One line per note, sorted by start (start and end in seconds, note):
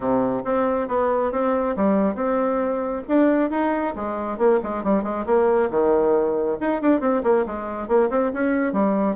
0.00 0.43 C3
0.44 0.88 C4
0.88 1.31 B3
1.31 1.75 C4
1.76 2.14 G3
2.14 3.02 C4
3.08 3.50 D4
3.50 3.94 D#4
3.95 4.37 G#3
4.37 4.59 A#3
4.63 4.83 G#3
4.83 5.03 G3
5.03 5.25 G#3
5.26 5.69 A#3
5.70 6.58 D#3
6.60 6.81 D#4
6.81 7.00 D4
7.00 7.22 C4
7.23 7.45 A#3
7.46 7.87 G#3
7.87 8.09 A#3
8.10 8.32 C4
8.33 8.73 C#4
8.73 9.16 G3